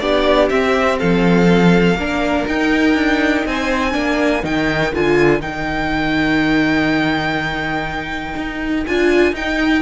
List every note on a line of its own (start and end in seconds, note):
0.00 0.51 B3
0.00 0.50 D4
0.00 0.99 G4
0.00 0.49 D5
0.49 1.98 C4
0.49 1.00 C4
0.49 0.99 E5
0.99 1.95 F3
0.99 1.98 A4
0.99 2.47 F5
1.95 2.44 A#3
1.95 2.48 D4
1.95 3.48 A#4
2.48 2.95 D#4
2.48 3.93 D#4
2.48 3.47 G5
2.95 3.44 D4
3.46 3.94 C4
3.46 3.94 C5
3.46 4.45 G#5
3.93 4.44 A#3
3.93 4.42 D4
3.93 9.83 A#4
4.44 4.93 D#3
4.44 4.93 D#4
4.44 4.95 G5
4.94 5.40 D3
4.94 5.41 F4
4.94 5.42 G#5
5.40 8.35 D#3
5.40 8.85 D#4
5.40 8.86 G5
8.37 8.86 D#4
8.86 9.33 D4
8.86 9.35 F4
8.86 9.35 G#5
9.33 9.82 D#4
9.33 9.83 D#4
9.33 9.83 G5